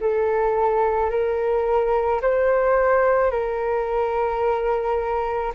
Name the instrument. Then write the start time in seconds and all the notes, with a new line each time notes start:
flute
0.00 A4
1.10 A#4
2.21 C5
3.30 A#4